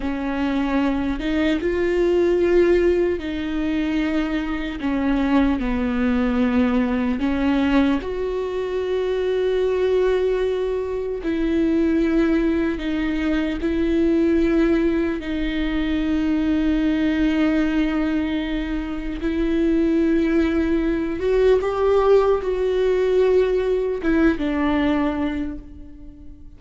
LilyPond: \new Staff \with { instrumentName = "viola" } { \time 4/4 \tempo 4 = 75 cis'4. dis'8 f'2 | dis'2 cis'4 b4~ | b4 cis'4 fis'2~ | fis'2 e'2 |
dis'4 e'2 dis'4~ | dis'1 | e'2~ e'8 fis'8 g'4 | fis'2 e'8 d'4. | }